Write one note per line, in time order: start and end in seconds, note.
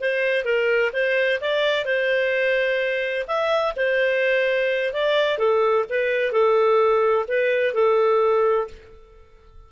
0.00 0.44 C5
0.44 0.91 A#4
0.93 1.40 C5
1.40 1.85 D5
1.85 3.26 C5
3.27 3.74 E5
3.76 4.93 C5
4.93 5.38 D5
5.38 5.85 A4
5.89 6.32 B4
6.32 7.25 A4
7.28 7.74 B4
7.74 8.67 A4